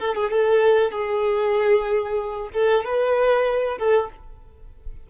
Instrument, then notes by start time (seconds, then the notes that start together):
violin
0.00 A4
0.15 G#4
0.30 A4
0.92 G#4
2.53 A4
2.84 B4
3.78 A4